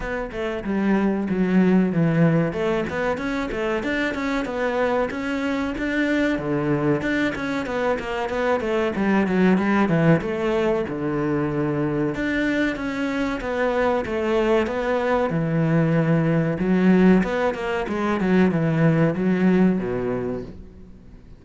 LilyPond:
\new Staff \with { instrumentName = "cello" } { \time 4/4 \tempo 4 = 94 b8 a8 g4 fis4 e4 | a8 b8 cis'8 a8 d'8 cis'8 b4 | cis'4 d'4 d4 d'8 cis'8 | b8 ais8 b8 a8 g8 fis8 g8 e8 |
a4 d2 d'4 | cis'4 b4 a4 b4 | e2 fis4 b8 ais8 | gis8 fis8 e4 fis4 b,4 | }